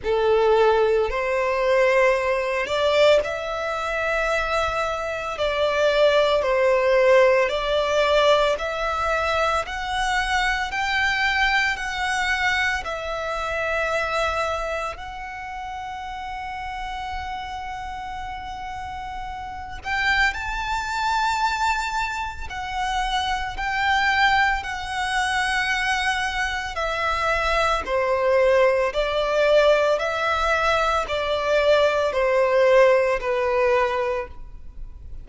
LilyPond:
\new Staff \with { instrumentName = "violin" } { \time 4/4 \tempo 4 = 56 a'4 c''4. d''8 e''4~ | e''4 d''4 c''4 d''4 | e''4 fis''4 g''4 fis''4 | e''2 fis''2~ |
fis''2~ fis''8 g''8 a''4~ | a''4 fis''4 g''4 fis''4~ | fis''4 e''4 c''4 d''4 | e''4 d''4 c''4 b'4 | }